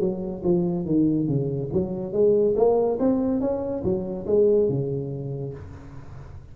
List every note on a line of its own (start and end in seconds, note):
0.00 0.43 F#3
0.44 0.85 F3
0.85 1.27 D#3
1.27 1.70 C#3
1.73 2.13 F#3
2.13 2.55 G#3
2.56 2.99 A#3
2.99 3.41 C4
3.41 3.83 C#4
3.84 4.26 F#3
4.27 4.69 G#3
4.69 5.54 C#3